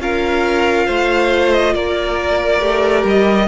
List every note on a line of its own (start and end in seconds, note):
0.00 0.87 C#4
0.00 2.60 F4
0.00 0.87 A#4
0.00 1.53 F5
0.87 1.75 A3
0.87 1.74 C5
1.53 1.74 D#5
1.74 2.61 A#3
1.74 3.48 A#4
1.74 3.05 D5
2.60 3.05 A3
2.60 3.47 G4
3.05 3.48 G3
3.05 3.49 D#5